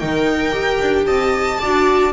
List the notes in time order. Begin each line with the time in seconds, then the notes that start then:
0.00 D#3 D#4 A#4 G5
0.52 D#4 G4
0.81 D4
1.07 C4 D#5 A5
1.61 D4 F#4 D5